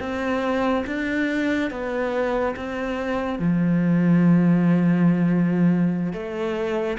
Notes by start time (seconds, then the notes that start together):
0.00 C4
0.87 D4
1.71 B3
2.57 C4
3.39 F3
6.13 A3